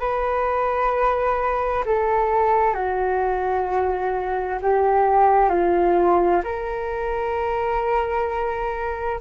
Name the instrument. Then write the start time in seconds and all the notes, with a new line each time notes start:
flute
0.00 B4
1.86 A4
2.74 F#4
4.62 G4
5.50 F4
6.44 A#4